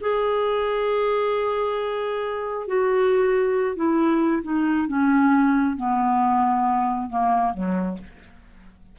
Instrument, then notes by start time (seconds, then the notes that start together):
clarinet
0.00 G#4
2.67 F#4
3.75 E4
4.43 D#4
4.87 C#4
5.76 B3
7.09 A#3
7.53 F#3